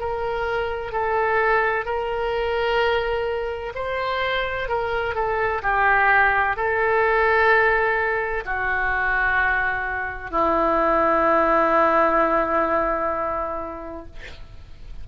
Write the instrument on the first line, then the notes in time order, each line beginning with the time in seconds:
oboe
0.00 A#4
0.92 A4
1.85 A#4
3.75 C5
4.69 A#4
5.15 A4
5.63 G4
6.57 A4
8.45 F#4
10.31 E4